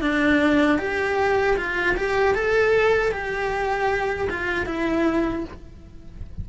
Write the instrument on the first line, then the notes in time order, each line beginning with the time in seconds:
cello
0.00 D4
0.78 G4
1.56 F4
1.96 G4
2.34 A4
3.11 G4
4.29 F4
4.66 E4